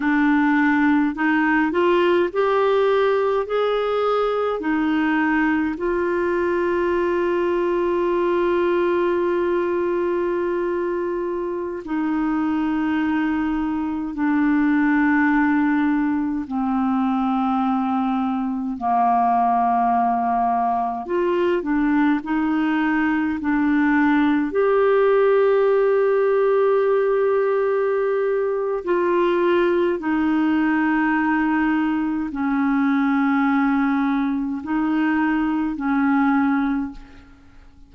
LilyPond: \new Staff \with { instrumentName = "clarinet" } { \time 4/4 \tempo 4 = 52 d'4 dis'8 f'8 g'4 gis'4 | dis'4 f'2.~ | f'2~ f'16 dis'4.~ dis'16~ | dis'16 d'2 c'4.~ c'16~ |
c'16 ais2 f'8 d'8 dis'8.~ | dis'16 d'4 g'2~ g'8.~ | g'4 f'4 dis'2 | cis'2 dis'4 cis'4 | }